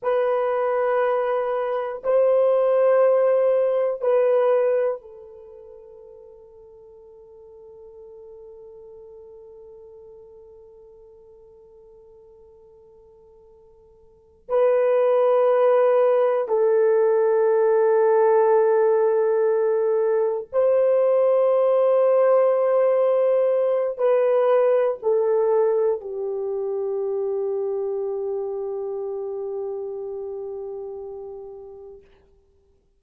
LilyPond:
\new Staff \with { instrumentName = "horn" } { \time 4/4 \tempo 4 = 60 b'2 c''2 | b'4 a'2.~ | a'1~ | a'2~ a'8 b'4.~ |
b'8 a'2.~ a'8~ | a'8 c''2.~ c''8 | b'4 a'4 g'2~ | g'1 | }